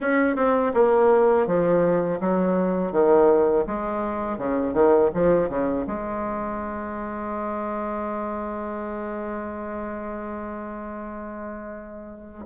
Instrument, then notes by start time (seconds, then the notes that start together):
bassoon
0.00 C#4
0.36 C4
0.74 A#3
1.46 F3
2.20 F#3
2.92 D#3
3.66 G#3
4.38 C#3
4.73 D#3
5.14 F3
5.49 C#3
5.87 G#3